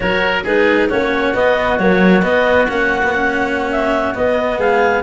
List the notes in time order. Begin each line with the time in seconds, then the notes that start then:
0.00 F#3 F#4 A#4 C#5
0.43 G#3 D#4 G#4 B4
0.88 A#3 C#4 F#4 C#5
1.34 B3 D#5
1.78 F#3 A#3 C#5
2.22 B3 D#5
2.68 A#3 C#4 F#5
3.04 B3
3.14 C#4
3.71 E5
4.14 B3 D#5
4.57 G#3 G#4 F5